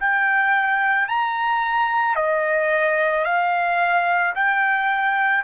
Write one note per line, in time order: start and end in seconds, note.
0.00 1.09 G5
1.09 2.16 A#5
2.16 3.25 D#5
3.25 4.34 F5
4.35 5.44 G5